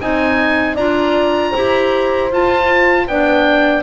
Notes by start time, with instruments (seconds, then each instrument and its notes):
0.00 double bass C4, clarinet D#4, horn D#5, oboe G#5
0.75 double bass D4, clarinet F4, horn D5, oboe A#5
1.51 double bass E4, clarinet G4, horn C5
2.31 clarinet F4, double bass F4, oboe A5
3.07 double bass B3, clarinet D4, horn D5, oboe G5